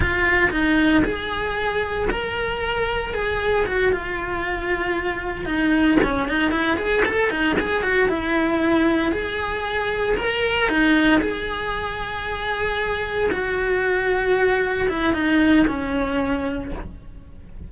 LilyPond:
\new Staff \with { instrumentName = "cello" } { \time 4/4 \tempo 4 = 115 f'4 dis'4 gis'2 | ais'2 gis'4 fis'8 f'8~ | f'2~ f'8 dis'4 cis'8 | dis'8 e'8 gis'8 a'8 dis'8 gis'8 fis'8 e'8~ |
e'4. gis'2 ais'8~ | ais'8 dis'4 gis'2~ gis'8~ | gis'4. fis'2~ fis'8~ | fis'8 e'8 dis'4 cis'2 | }